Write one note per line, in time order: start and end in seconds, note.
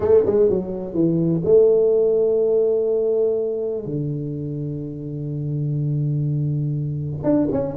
0.00 0.24 A3
0.26 0.49 G#3
0.49 0.94 F#3
0.94 1.42 E3
1.44 3.85 A3
3.85 7.23 D3
7.23 7.47 D4
7.51 7.76 C#4